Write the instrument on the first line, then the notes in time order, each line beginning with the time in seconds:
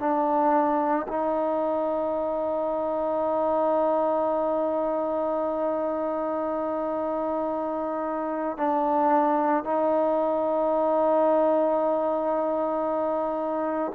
trombone
0.00 D4
1.08 D#4
8.58 D4
9.64 D#4